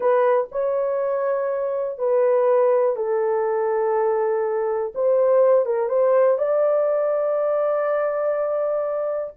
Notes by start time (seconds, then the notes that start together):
0.00 B4
0.51 C#5
1.98 B4
2.96 A4
4.94 C5
5.65 A#4
5.88 C5
6.38 D5